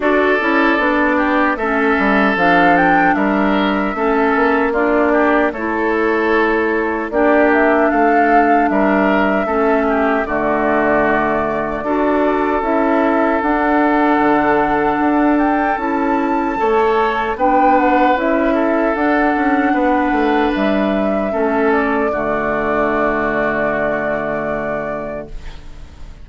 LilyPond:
<<
  \new Staff \with { instrumentName = "flute" } { \time 4/4 \tempo 4 = 76 d''2 e''4 f''8 g''8 | e''2 d''4 cis''4~ | cis''4 d''8 e''8 f''4 e''4~ | e''4 d''2. |
e''4 fis''2~ fis''8 g''8 | a''2 g''8 fis''8 e''4 | fis''2 e''4. d''8~ | d''1 | }
  \new Staff \with { instrumentName = "oboe" } { \time 4/4 a'4. g'8 a'2 | ais'4 a'4 f'8 g'8 a'4~ | a'4 g'4 a'4 ais'4 | a'8 g'8 fis'2 a'4~ |
a'1~ | a'4 cis''4 b'4. a'8~ | a'4 b'2 a'4 | fis'1 | }
  \new Staff \with { instrumentName = "clarinet" } { \time 4/4 fis'8 e'8 d'4 cis'4 d'4~ | d'4 cis'4 d'4 e'4~ | e'4 d'2. | cis'4 a2 fis'4 |
e'4 d'2. | e'4 a'4 d'4 e'4 | d'2. cis'4 | a1 | }
  \new Staff \with { instrumentName = "bassoon" } { \time 4/4 d'8 cis'8 b4 a8 g8 f4 | g4 a8 ais4. a4~ | a4 ais4 a4 g4 | a4 d2 d'4 |
cis'4 d'4 d4 d'4 | cis'4 a4 b4 cis'4 | d'8 cis'8 b8 a8 g4 a4 | d1 | }
>>